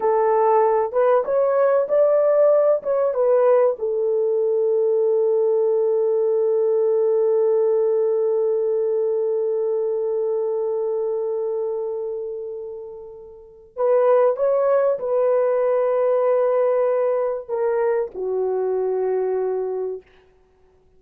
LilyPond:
\new Staff \with { instrumentName = "horn" } { \time 4/4 \tempo 4 = 96 a'4. b'8 cis''4 d''4~ | d''8 cis''8 b'4 a'2~ | a'1~ | a'1~ |
a'1~ | a'2 b'4 cis''4 | b'1 | ais'4 fis'2. | }